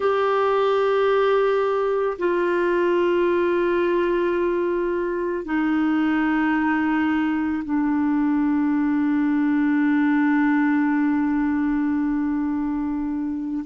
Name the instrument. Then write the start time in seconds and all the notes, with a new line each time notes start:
clarinet
0.00 G4
2.18 F4
5.44 D#4
7.64 D4